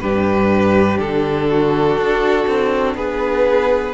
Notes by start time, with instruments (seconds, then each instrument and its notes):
0.00 cello G2, viola D4, violin G4 B4
0.99 cello D3, violin A4
1.49 violin F#4
1.97 cello D4
2.47 cello C4
2.95 cello B3, violin G#4 B4